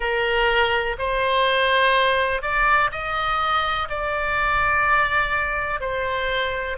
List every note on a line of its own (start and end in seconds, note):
0.00 0.96 A#4
0.98 2.42 C5
2.42 2.90 D5
2.91 3.88 D#5
3.89 5.80 D5
5.80 6.77 C5